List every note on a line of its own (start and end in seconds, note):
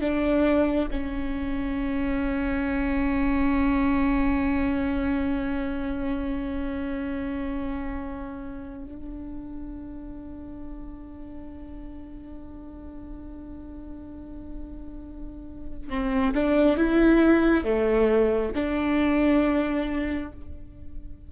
0.00 0.88 D4
0.91 8.84 C#4
8.84 15.89 D4
15.89 16.34 C4
16.34 16.77 D4
16.77 17.64 E4
17.64 18.52 A3
18.55 20.31 D4